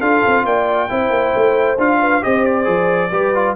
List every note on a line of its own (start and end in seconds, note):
0.00 0.23 D4
0.00 0.89 F4
0.00 0.44 A4
0.00 0.45 F5
0.26 0.45 C4
0.45 0.89 A#3
0.45 0.90 D5
0.45 1.78 G5
0.89 1.10 C4
0.89 1.77 E4
0.89 2.00 C5
1.10 1.32 A#3
1.35 1.77 A3
1.77 2.22 D4
1.77 2.22 F4
1.77 2.23 F5
2.00 2.22 B4
2.22 2.67 C4
2.22 2.64 G4
2.22 3.11 C5
2.22 2.45 D#5
2.45 3.55 D5
2.64 3.11 F3
2.64 3.08 G#4
3.11 3.55 G3
3.11 3.34 G4
3.11 3.55 B4
3.34 3.55 F4